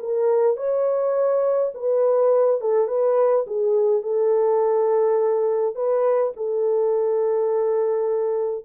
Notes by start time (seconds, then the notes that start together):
0.00 A#4
0.57 C#5
1.75 B4
2.61 A4
2.88 B4
3.47 G#4
4.03 A4
5.75 B4
6.37 A4